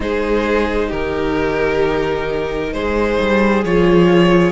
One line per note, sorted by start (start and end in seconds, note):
0.00 0.91 G#3
0.00 3.64 D#4
0.00 0.88 G#4
0.00 0.91 C5
0.88 2.73 D#3
0.88 2.70 G4
0.88 2.73 A#4
2.73 3.18 G#3
2.73 4.52 G#4
2.73 3.64 C5
3.19 3.63 G3
3.63 4.52 F3
3.63 4.52 F4
3.63 4.52 C#5